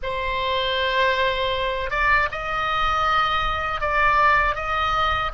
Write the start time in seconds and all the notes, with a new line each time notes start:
0.02 C5
1.90 D5
2.31 D#5
3.80 D5
4.55 D#5